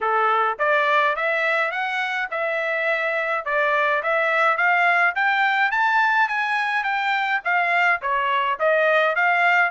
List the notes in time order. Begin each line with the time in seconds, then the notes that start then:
0.00 A4
0.58 D5
1.16 E5
1.71 F#5
2.30 E5
3.45 D5
4.02 E5
4.57 F5
5.15 G5
5.71 A5
6.28 G#5
6.83 G5
7.44 F5
8.01 C#5
8.59 D#5
9.15 F5